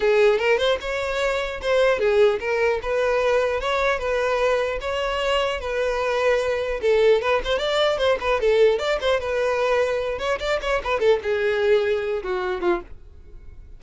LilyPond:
\new Staff \with { instrumentName = "violin" } { \time 4/4 \tempo 4 = 150 gis'4 ais'8 c''8 cis''2 | c''4 gis'4 ais'4 b'4~ | b'4 cis''4 b'2 | cis''2 b'2~ |
b'4 a'4 b'8 c''8 d''4 | c''8 b'8 a'4 d''8 c''8 b'4~ | b'4. cis''8 d''8 cis''8 b'8 a'8 | gis'2~ gis'8 fis'4 f'8 | }